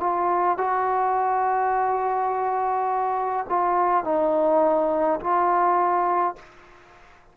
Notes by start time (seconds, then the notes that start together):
0.00 F4
0.58 F#4
3.49 F4
4.04 D#4
5.20 F4